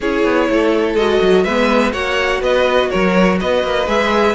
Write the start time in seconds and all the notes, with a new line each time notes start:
0.00 C#4 E4 G#4 C#5
0.24 B3
0.49 A3 A4
0.94 G#3 F#4 D#5
1.21 F#3
1.43 G#3 B3 B4 E5
1.92 A#3 F#4 C#5 F#5
2.40 B3 B4 D#5
2.89 F#3 A#4 C#5
3.40 B3 B4 D#5
3.63 A#3
3.87 G#3 G#4 E5